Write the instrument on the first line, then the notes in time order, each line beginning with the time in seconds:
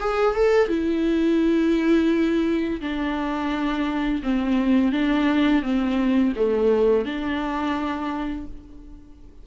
viola
0.00 G#4
0.35 A4
0.68 E4
2.81 D4
4.23 C4
4.92 D4
5.62 C4
6.36 A3
7.05 D4